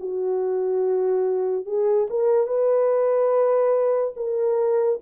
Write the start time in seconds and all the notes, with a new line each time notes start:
0.00 F#4
1.66 G#4
2.10 A#4
2.47 B4
4.16 A#4